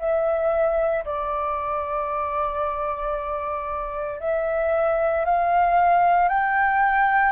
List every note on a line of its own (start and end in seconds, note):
0.00 1.05 E5
1.05 4.20 D5
4.20 5.25 E5
5.25 6.29 F5
6.29 7.33 G5